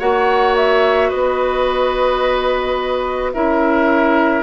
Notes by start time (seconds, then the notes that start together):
0.00 A#3 F#4 C#5 F#5
0.57 E5
1.09 B3 B4 D#5
3.33 C#4 E4 A#4 E5